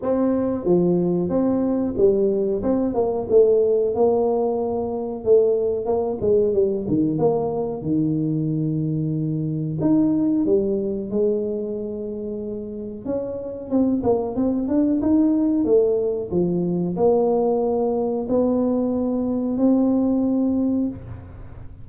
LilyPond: \new Staff \with { instrumentName = "tuba" } { \time 4/4 \tempo 4 = 92 c'4 f4 c'4 g4 | c'8 ais8 a4 ais2 | a4 ais8 gis8 g8 dis8 ais4 | dis2. dis'4 |
g4 gis2. | cis'4 c'8 ais8 c'8 d'8 dis'4 | a4 f4 ais2 | b2 c'2 | }